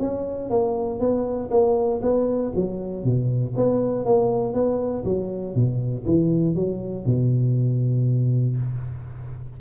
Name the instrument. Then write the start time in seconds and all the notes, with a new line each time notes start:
tuba
0.00 C#4
0.50 A#3
1.00 B3
1.51 A#3
2.03 B3
2.56 F#3
3.04 B2
3.57 B3
4.06 A#3
4.54 B3
5.05 F#3
5.55 B2
6.06 E3
6.56 F#3
7.06 B2